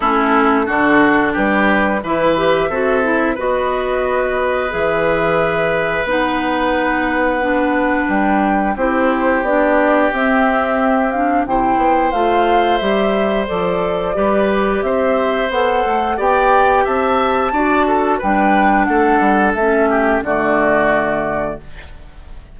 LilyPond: <<
  \new Staff \with { instrumentName = "flute" } { \time 4/4 \tempo 4 = 89 a'2 b'4 e''4~ | e''4 dis''2 e''4~ | e''4 fis''2. | g''4 c''4 d''4 e''4~ |
e''8 f''8 g''4 f''4 e''4 | d''2 e''4 fis''4 | g''4 a''2 g''4 | fis''4 e''4 d''2 | }
  \new Staff \with { instrumentName = "oboe" } { \time 4/4 e'4 fis'4 g'4 b'4 | a'4 b'2.~ | b'1~ | b'4 g'2.~ |
g'4 c''2.~ | c''4 b'4 c''2 | d''4 e''4 d''8 a'8 b'4 | a'4. g'8 fis'2 | }
  \new Staff \with { instrumentName = "clarinet" } { \time 4/4 cis'4 d'2 e'8 g'8 | fis'8 e'8 fis'2 gis'4~ | gis'4 dis'2 d'4~ | d'4 e'4 d'4 c'4~ |
c'8 d'8 e'4 f'4 g'4 | a'4 g'2 a'4 | g'2 fis'4 d'4~ | d'4 cis'4 a2 | }
  \new Staff \with { instrumentName = "bassoon" } { \time 4/4 a4 d4 g4 e4 | c'4 b2 e4~ | e4 b2. | g4 c'4 b4 c'4~ |
c'4 c8 b8 a4 g4 | f4 g4 c'4 b8 a8 | b4 c'4 d'4 g4 | a8 g8 a4 d2 | }
>>